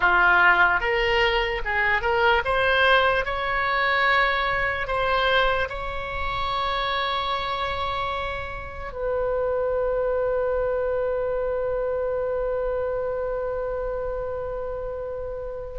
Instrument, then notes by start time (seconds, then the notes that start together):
oboe
0.00 F4
0.80 A#4
1.64 G#4
2.01 A#4
2.44 C5
3.25 C#5
4.87 C5
5.69 C#5
8.92 B4